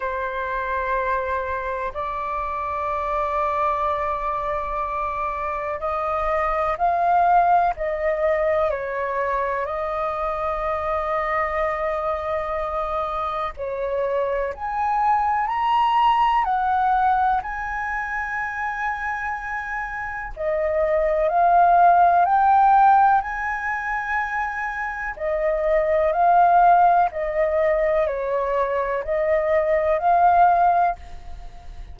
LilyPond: \new Staff \with { instrumentName = "flute" } { \time 4/4 \tempo 4 = 62 c''2 d''2~ | d''2 dis''4 f''4 | dis''4 cis''4 dis''2~ | dis''2 cis''4 gis''4 |
ais''4 fis''4 gis''2~ | gis''4 dis''4 f''4 g''4 | gis''2 dis''4 f''4 | dis''4 cis''4 dis''4 f''4 | }